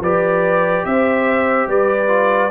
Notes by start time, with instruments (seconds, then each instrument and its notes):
0.00 tuba F3, trombone G4, horn B4, trumpet D5
0.85 tuba C4, horn C5, trumpet E5
1.67 tuba G3, horn B4, trumpet D5
2.08 trombone F4